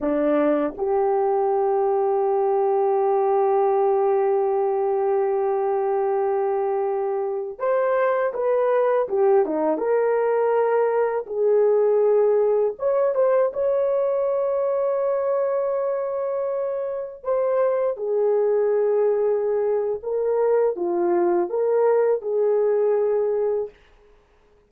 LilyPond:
\new Staff \with { instrumentName = "horn" } { \time 4/4 \tempo 4 = 81 d'4 g'2.~ | g'1~ | g'2~ g'16 c''4 b'8.~ | b'16 g'8 dis'8 ais'2 gis'8.~ |
gis'4~ gis'16 cis''8 c''8 cis''4.~ cis''16~ | cis''2.~ cis''16 c''8.~ | c''16 gis'2~ gis'8. ais'4 | f'4 ais'4 gis'2 | }